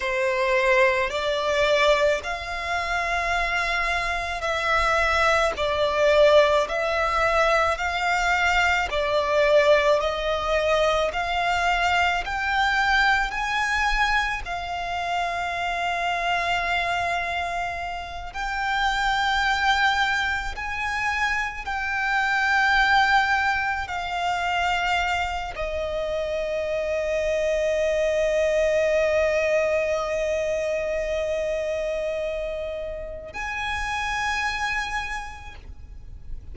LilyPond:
\new Staff \with { instrumentName = "violin" } { \time 4/4 \tempo 4 = 54 c''4 d''4 f''2 | e''4 d''4 e''4 f''4 | d''4 dis''4 f''4 g''4 | gis''4 f''2.~ |
f''8 g''2 gis''4 g''8~ | g''4. f''4. dis''4~ | dis''1~ | dis''2 gis''2 | }